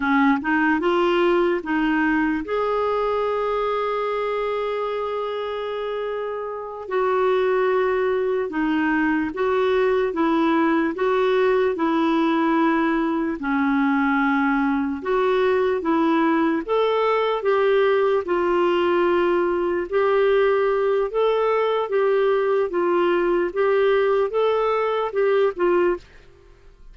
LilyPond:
\new Staff \with { instrumentName = "clarinet" } { \time 4/4 \tempo 4 = 74 cis'8 dis'8 f'4 dis'4 gis'4~ | gis'1~ | gis'8 fis'2 dis'4 fis'8~ | fis'8 e'4 fis'4 e'4.~ |
e'8 cis'2 fis'4 e'8~ | e'8 a'4 g'4 f'4.~ | f'8 g'4. a'4 g'4 | f'4 g'4 a'4 g'8 f'8 | }